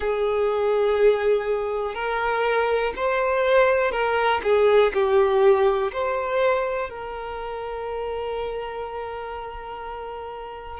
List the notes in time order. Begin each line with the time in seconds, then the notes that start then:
0.00 G#4
1.94 A#4
2.96 C5
3.91 A#4
4.43 G#4
4.93 G4
5.92 C5
6.89 A#4